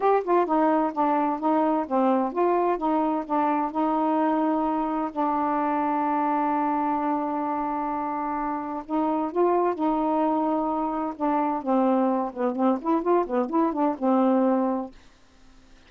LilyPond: \new Staff \with { instrumentName = "saxophone" } { \time 4/4 \tempo 4 = 129 g'8 f'8 dis'4 d'4 dis'4 | c'4 f'4 dis'4 d'4 | dis'2. d'4~ | d'1~ |
d'2. dis'4 | f'4 dis'2. | d'4 c'4. b8 c'8 e'8 | f'8 b8 e'8 d'8 c'2 | }